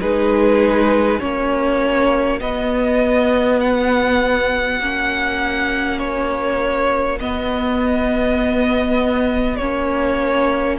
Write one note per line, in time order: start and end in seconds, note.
0.00 1.21 G#3
0.00 1.19 D#4
0.00 1.20 G#4
0.00 1.20 B4
1.19 2.41 A#3
1.19 2.39 C#4
1.19 10.79 F#4
1.19 2.40 C#5
2.40 4.80 B3
2.40 4.79 B3
2.40 3.60 D#5
3.60 5.99 F#5
4.79 7.20 A#3
4.79 7.20 C#4
5.99 7.19 C#5
7.20 9.59 B3
7.20 9.60 B3
7.20 9.56 D#5
9.56 10.79 A#3
9.56 10.79 C#4
9.56 10.76 C#5